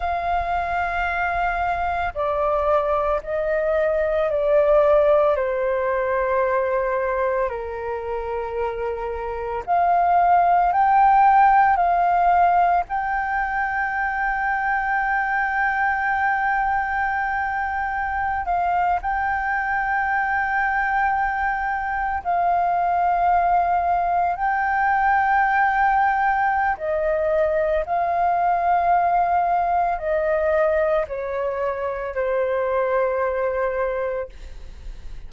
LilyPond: \new Staff \with { instrumentName = "flute" } { \time 4/4 \tempo 4 = 56 f''2 d''4 dis''4 | d''4 c''2 ais'4~ | ais'4 f''4 g''4 f''4 | g''1~ |
g''4~ g''16 f''8 g''2~ g''16~ | g''8. f''2 g''4~ g''16~ | g''4 dis''4 f''2 | dis''4 cis''4 c''2 | }